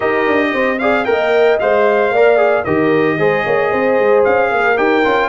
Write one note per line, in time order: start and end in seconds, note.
0.00 0.26 D#4
0.00 0.77 G4
0.00 0.49 A#4
0.00 0.78 D#5
0.26 0.53 D4
0.53 1.06 C4
0.53 0.80 C5
0.78 1.05 G#4
0.78 1.07 D5
0.78 1.04 F5
1.04 1.60 A#3
1.04 1.58 A#4
1.04 2.12 D#5
1.04 1.57 G5
1.59 2.10 G#3
1.59 2.14 C5
1.59 2.64 F5
2.10 2.63 A#3
2.10 2.37 A#4
2.10 2.64 D5
2.37 2.63 G#4
2.64 3.18 D#3
2.64 3.18 G4
2.64 3.17 A#4
2.64 4.23 D#5
3.18 3.45 G#3
3.18 4.76 G#4
3.18 3.45 C5
3.45 3.72 A#3
3.45 3.70 C#5
3.70 3.98 C4
3.70 4.50 C5
3.98 4.25 G#3
4.24 4.51 C#4
4.24 4.77 F5
4.50 4.78 A#3
4.50 5.29 A#4
4.76 5.04 D#4
4.76 5.03 G4
4.76 5.29 G5
5.04 5.29 C#4
5.04 5.29 F4